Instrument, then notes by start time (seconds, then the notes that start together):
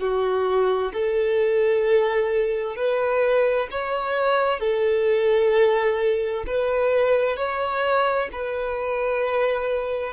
violin
0.00 F#4
0.93 A4
2.76 B4
3.71 C#5
4.60 A4
6.47 B4
7.36 C#5
8.32 B4